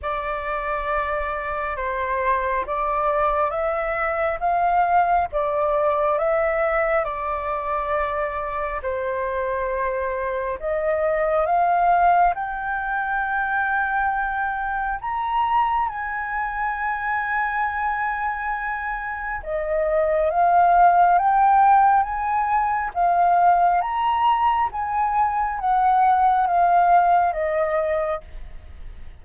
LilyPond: \new Staff \with { instrumentName = "flute" } { \time 4/4 \tempo 4 = 68 d''2 c''4 d''4 | e''4 f''4 d''4 e''4 | d''2 c''2 | dis''4 f''4 g''2~ |
g''4 ais''4 gis''2~ | gis''2 dis''4 f''4 | g''4 gis''4 f''4 ais''4 | gis''4 fis''4 f''4 dis''4 | }